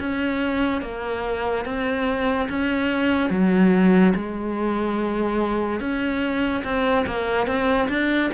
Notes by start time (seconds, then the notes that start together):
0.00 C#4
0.82 A#3
1.66 C4
2.50 C#4
3.31 F#3
4.16 G#3
5.80 C#4
6.64 C4
7.07 A#3
7.47 C4
7.89 D4